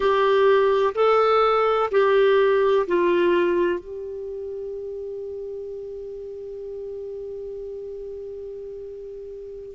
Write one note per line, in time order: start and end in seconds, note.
0.00 0.93 G4
0.94 1.90 A4
1.91 2.86 G4
2.87 3.79 F4
3.79 9.74 G4